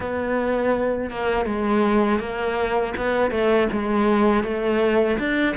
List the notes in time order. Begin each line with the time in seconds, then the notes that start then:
0.00 B3
1.10 A#3
1.45 G#3
2.19 A#3
2.96 B3
3.30 A3
3.71 G#3
4.43 A3
5.18 D4